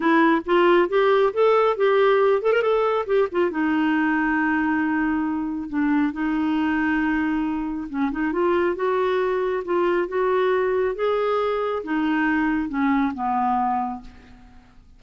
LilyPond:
\new Staff \with { instrumentName = "clarinet" } { \time 4/4 \tempo 4 = 137 e'4 f'4 g'4 a'4 | g'4. a'16 ais'16 a'4 g'8 f'8 | dis'1~ | dis'4 d'4 dis'2~ |
dis'2 cis'8 dis'8 f'4 | fis'2 f'4 fis'4~ | fis'4 gis'2 dis'4~ | dis'4 cis'4 b2 | }